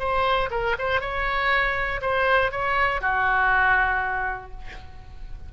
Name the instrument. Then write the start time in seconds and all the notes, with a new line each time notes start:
oboe
0.00 C5
0.51 A#4
0.79 C5
1.01 C#5
2.02 C5
2.52 C#5
3.02 F#4